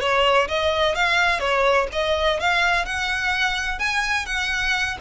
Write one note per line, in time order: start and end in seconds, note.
0.00 0.48 C#5
0.48 0.95 D#5
0.95 1.40 F5
1.40 1.87 C#5
1.92 2.40 D#5
2.40 2.85 F5
2.85 3.79 F#5
3.79 4.26 G#5
4.26 4.97 F#5